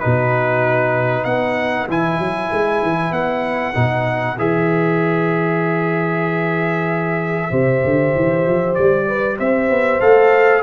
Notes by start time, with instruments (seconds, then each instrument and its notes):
0.00 tuba B2, trombone D#4, horn F#4, trumpet B4
1.25 tuba B3, horn B4, trumpet F#5
1.89 tuba E3, trombone E4, trumpet G#5
2.19 tuba F#3
2.53 tuba G#3
2.83 tuba E3
3.12 tuba B3, trumpet F#5
3.74 tuba B2, trombone D#4
4.38 tuba E3, trombone G#4, trumpet E5
7.51 tuba C3, trombone G4, horn C5
7.84 tuba D3
8.16 tuba E3
8.46 tuba F3
8.75 tuba G3, trumpet D5
9.07 horn B4
9.38 tuba C4, horn C5, trumpet E5
9.70 tuba B3
10.01 tuba A3, trombone A4, trumpet F5